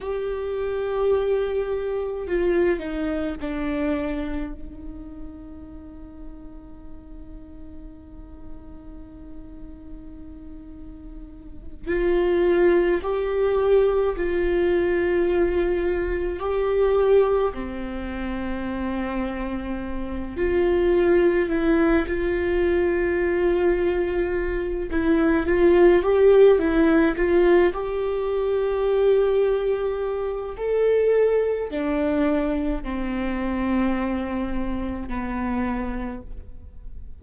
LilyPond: \new Staff \with { instrumentName = "viola" } { \time 4/4 \tempo 4 = 53 g'2 f'8 dis'8 d'4 | dis'1~ | dis'2~ dis'8 f'4 g'8~ | g'8 f'2 g'4 c'8~ |
c'2 f'4 e'8 f'8~ | f'2 e'8 f'8 g'8 e'8 | f'8 g'2~ g'8 a'4 | d'4 c'2 b4 | }